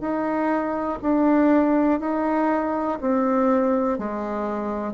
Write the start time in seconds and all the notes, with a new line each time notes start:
0.00 D#4
1.01 D4
2.00 D#4
3.00 C4
3.98 G#3